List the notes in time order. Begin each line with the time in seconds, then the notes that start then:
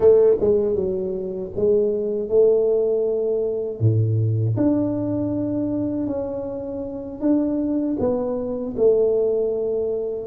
0.00 A3
0.40 G#3
0.75 F#3
1.56 G#3
2.28 A3
3.79 A2
4.56 D4
6.07 C#4
7.20 D4
7.99 B3
8.77 A3